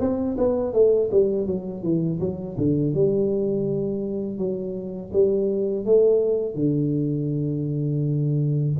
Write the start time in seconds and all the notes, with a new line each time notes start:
0.00 C4
0.38 B3
0.73 A3
1.11 G3
1.46 F#3
1.83 E3
2.20 F#3
2.58 D3
2.94 G3
4.38 F#3
5.13 G3
5.85 A3
6.55 D3